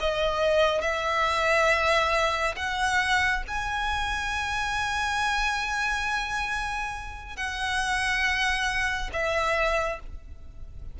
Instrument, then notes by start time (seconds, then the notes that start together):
violin
0.00 D#5
0.81 E5
2.56 F#5
3.48 G#5
7.37 F#5
9.13 E5